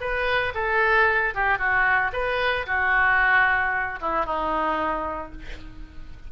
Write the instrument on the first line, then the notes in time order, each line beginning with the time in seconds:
oboe
0.00 B4
0.54 A4
1.34 G4
1.58 F#4
2.13 B4
2.66 F#4
4.01 E4
4.26 D#4